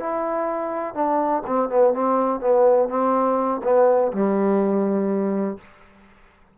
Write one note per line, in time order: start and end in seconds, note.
0.00 0.95 E4
0.95 1.43 D4
1.47 1.70 C4
1.70 1.94 B3
1.94 2.41 C4
2.41 2.89 B3
2.89 3.62 C4
3.64 4.12 B3
4.13 5.58 G3